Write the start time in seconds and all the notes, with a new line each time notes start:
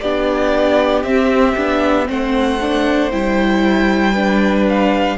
0.00 B3 D4 G4 D5
1.03 C4 E5
1.57 B3 D4
2.06 A3 C4 C5 F#5
2.61 D4
3.11 G3 E4 G5
4.14 D4 B4
4.69 F5